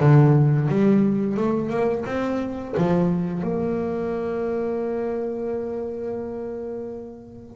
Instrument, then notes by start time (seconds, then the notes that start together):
double bass
0.00 D3
0.69 G3
1.37 A3
1.70 A#3
2.06 C4
2.77 F3
3.43 A#3